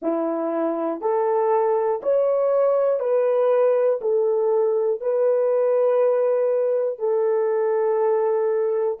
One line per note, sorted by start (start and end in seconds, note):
0.02 1.00 E4
1.00 2.00 A4
2.02 3.00 C#5
3.00 4.00 B4
4.01 5.00 A4
5.00 6.99 B4
6.99 8.99 A4